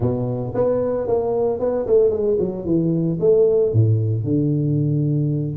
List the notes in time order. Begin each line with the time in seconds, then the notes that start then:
0.00 B2
0.54 B3
1.07 A#3
1.59 B3
1.86 A3
2.10 G#3
2.39 F#3
2.65 E3
3.20 A3
3.72 A2
4.24 D3